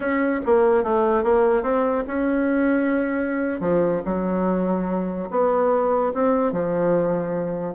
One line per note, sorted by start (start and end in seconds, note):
0.00 0.40 C#4
0.45 0.83 A#3
0.83 1.23 A3
1.23 1.63 A#3
1.63 2.04 C4
2.07 3.60 C#4
3.60 4.01 F3
4.05 5.29 F#3
5.30 6.13 B3
6.14 6.52 C4
6.52 7.74 F3